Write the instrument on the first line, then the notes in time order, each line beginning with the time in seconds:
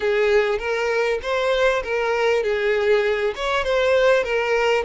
violin
0.00 G#4
0.58 A#4
1.22 C5
1.83 A#4
2.43 G#4
3.35 C#5
3.64 C5
4.23 A#4